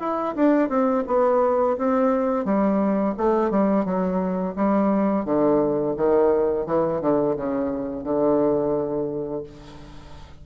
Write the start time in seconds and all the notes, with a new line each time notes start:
0.00 E4
0.36 D4
0.69 C4
1.07 B3
1.78 C4
2.45 G3
3.17 A3
3.51 G3
3.85 F#3
4.56 G3
5.25 D3
5.97 D#3
6.67 E3
7.01 D3
7.37 C#3
8.04 D3